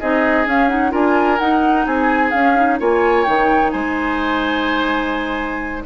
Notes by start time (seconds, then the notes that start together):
0.00 C4 D#4 G#4 D#5
0.46 C#4 F5
0.69 D#4 F#5
0.91 D4 F4 A#4 G#5
1.39 D#4 F#5
1.86 C4 G#4 G#5
2.31 C#4 F5
2.56 D#4
2.79 A#3 F4 C#5 G#5
3.24 D#3 D#4 G5
3.71 G#3 C5 G#5